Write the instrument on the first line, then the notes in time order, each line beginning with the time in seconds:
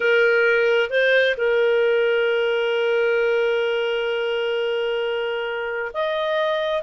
clarinet
0.00 A#4
0.90 C5
1.37 A#4
5.93 D#5